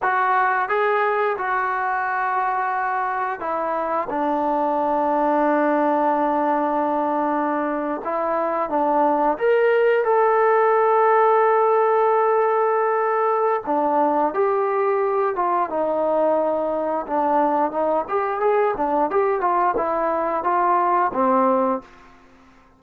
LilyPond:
\new Staff \with { instrumentName = "trombone" } { \time 4/4 \tempo 4 = 88 fis'4 gis'4 fis'2~ | fis'4 e'4 d'2~ | d'2.~ d'8. e'16~ | e'8. d'4 ais'4 a'4~ a'16~ |
a'1 | d'4 g'4. f'8 dis'4~ | dis'4 d'4 dis'8 g'8 gis'8 d'8 | g'8 f'8 e'4 f'4 c'4 | }